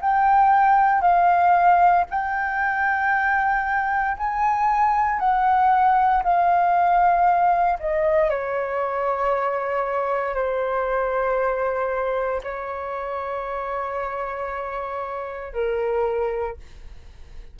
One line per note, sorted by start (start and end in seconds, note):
0.00 1.01 G5
1.01 2.05 F5
2.10 4.17 G5
4.17 5.19 G#5
5.19 6.23 F#5
6.23 7.78 F5
7.79 8.30 D#5
8.30 10.34 C#5
10.34 12.41 C5
12.43 15.53 C#5
15.53 16.57 A#4